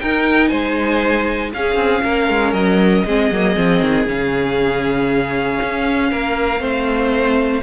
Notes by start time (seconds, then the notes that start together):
0.00 D#4 A#4 G5
0.49 G#3 C5 G#5
1.54 C#4 G#4 F5
1.76 C4
2.04 A#3 A#4
2.29 G#3
2.53 F#3 D#5
3.05 G#3 C4 G#4
3.31 F#3 A#3
3.57 F3 C4
3.81 D#3
4.06 C#3 C#4 F5
5.62 C#4
6.11 A#3 A#4
6.60 A3 C4 C5